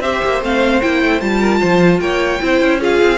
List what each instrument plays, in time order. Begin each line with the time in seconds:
0.00 cello C4, viola G4, violin C5 E5
0.24 cello A#3
0.41 cello A3, viola C4, violin F5
0.81 cello A#3, viola E4, violin G5
1.03 cello A3
1.20 cello G3, viola F4, violin A5
1.39 violin A#4
1.59 cello F3, violin C5
1.99 cello A#3, violin C#5 G5
2.40 cello C4, viola E4, violin C5
2.60 cello C#4
2.80 viola F4, violin G#4 F5
3.02 cello C4